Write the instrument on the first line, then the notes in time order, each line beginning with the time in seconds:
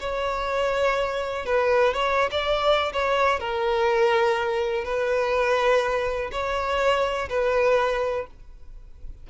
violin
0.00 C#5
1.46 B4
1.93 C#5
2.31 D5
2.93 C#5
3.40 A#4
4.84 B4
6.31 C#5
7.29 B4